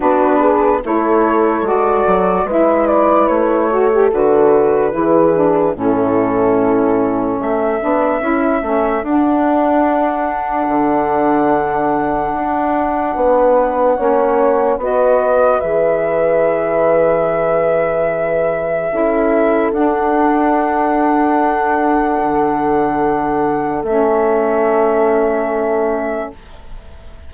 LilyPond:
<<
  \new Staff \with { instrumentName = "flute" } { \time 4/4 \tempo 4 = 73 b'4 cis''4 d''4 e''8 d''8 | cis''4 b'2 a'4~ | a'4 e''2 fis''4~ | fis''1~ |
fis''2 dis''4 e''4~ | e''1 | fis''1~ | fis''4 e''2. | }
  \new Staff \with { instrumentName = "horn" } { \time 4/4 fis'8 gis'8 a'2 b'4~ | b'8 a'4. gis'4 e'4~ | e'4 a'2.~ | a'1 |
b'4 cis''4 b'2~ | b'2. a'4~ | a'1~ | a'1 | }
  \new Staff \with { instrumentName = "saxophone" } { \time 4/4 d'4 e'4 fis'4 e'4~ | e'8 fis'16 g'16 fis'4 e'8 d'8 cis'4~ | cis'4. d'8 e'8 cis'8 d'4~ | d'1~ |
d'4 cis'4 fis'4 gis'4~ | gis'2. e'4 | d'1~ | d'4 cis'2. | }
  \new Staff \with { instrumentName = "bassoon" } { \time 4/4 b4 a4 gis8 fis8 gis4 | a4 d4 e4 a,4~ | a,4 a8 b8 cis'8 a8 d'4~ | d'4 d2 d'4 |
b4 ais4 b4 e4~ | e2. cis'4 | d'2. d4~ | d4 a2. | }
>>